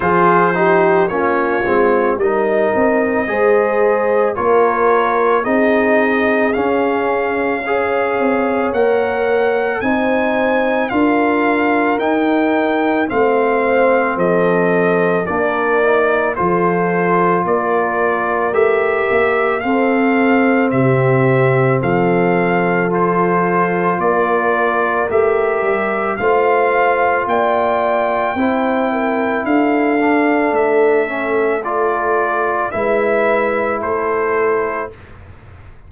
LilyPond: <<
  \new Staff \with { instrumentName = "trumpet" } { \time 4/4 \tempo 4 = 55 c''4 cis''4 dis''2 | cis''4 dis''4 f''2 | fis''4 gis''4 f''4 g''4 | f''4 dis''4 d''4 c''4 |
d''4 e''4 f''4 e''4 | f''4 c''4 d''4 e''4 | f''4 g''2 f''4 | e''4 d''4 e''4 c''4 | }
  \new Staff \with { instrumentName = "horn" } { \time 4/4 gis'8 g'8 f'4 ais'4 c''4 | ais'4 gis'2 cis''4~ | cis''4 c''4 ais'2 | c''4 a'4 ais'4 a'4 |
ais'2 a'4 g'4 | a'2 ais'2 | c''4 d''4 c''8 ais'8 a'4~ | a'2 b'4 a'4 | }
  \new Staff \with { instrumentName = "trombone" } { \time 4/4 f'8 dis'8 cis'8 c'8 dis'4 gis'4 | f'4 dis'4 cis'4 gis'4 | ais'4 dis'4 f'4 dis'4 | c'2 d'8 dis'8 f'4~ |
f'4 g'4 c'2~ | c'4 f'2 g'4 | f'2 e'4. d'8~ | d'8 cis'8 f'4 e'2 | }
  \new Staff \with { instrumentName = "tuba" } { \time 4/4 f4 ais8 gis8 g8 c'8 gis4 | ais4 c'4 cis'4. c'8 | ais4 c'4 d'4 dis'4 | a4 f4 ais4 f4 |
ais4 a8 ais8 c'4 c4 | f2 ais4 a8 g8 | a4 ais4 c'4 d'4 | a2 gis4 a4 | }
>>